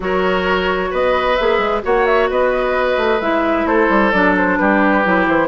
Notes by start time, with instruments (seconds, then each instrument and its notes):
0.00 bassoon F#3, clarinet F#4, oboe A#4, flute C#5
0.90 bassoon B3, oboe B4, flute D#5
1.35 bassoon A#3, clarinet G#4, flute E5
1.58 bassoon G#3
1.82 bassoon A#3, clarinet F#4, oboe C#5, flute F#5
2.05 flute E5
2.30 bassoon B3, oboe B4, flute D#5
2.97 bassoon A3
3.20 bassoon G#3, clarinet E4, flute E5
3.65 bassoon A3, oboe A4, flute C5
3.89 bassoon G3
4.11 bassoon F#3, clarinet D4, flute D5
4.37 flute C5
4.56 bassoon G3, oboe G4, flute B4
5.03 bassoon F#3, clarinet E4
5.27 bassoon E3, flute C5